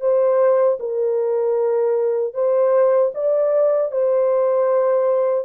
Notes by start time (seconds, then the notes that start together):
0.00 C5
0.79 A#4
2.34 C5
3.14 D5
3.91 C5